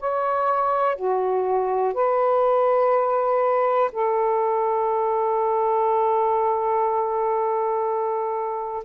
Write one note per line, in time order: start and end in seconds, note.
0.00 0.96 C#5
0.96 1.94 F#4
1.94 3.90 B4
3.92 8.84 A4